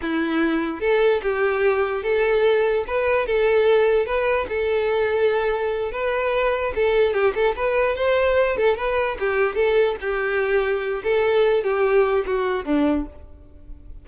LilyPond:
\new Staff \with { instrumentName = "violin" } { \time 4/4 \tempo 4 = 147 e'2 a'4 g'4~ | g'4 a'2 b'4 | a'2 b'4 a'4~ | a'2~ a'8 b'4.~ |
b'8 a'4 g'8 a'8 b'4 c''8~ | c''4 a'8 b'4 g'4 a'8~ | a'8 g'2~ g'8 a'4~ | a'8 g'4. fis'4 d'4 | }